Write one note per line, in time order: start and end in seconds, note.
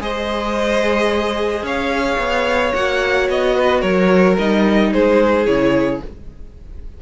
0.00 1.62 G#3
0.00 2.74 G#4
0.00 1.65 C5
0.00 1.66 D#5
1.62 2.17 C#4
1.62 3.56 C#5
1.62 2.74 F5
2.18 2.73 B3
2.74 3.29 A#3
2.74 4.39 F#4
2.74 3.29 F#5
3.29 3.83 B3
3.29 3.81 D#5
3.56 3.81 B4
3.81 4.37 F#3
3.81 4.90 A#4
3.81 4.36 C#5
4.38 4.93 G3
4.38 5.46 D#4
4.38 4.93 D#5
4.93 5.46 G#3
4.93 6.02 G#4
4.93 5.46 C5
5.46 6.01 C#3
5.46 6.01 E4
5.46 6.01 C#5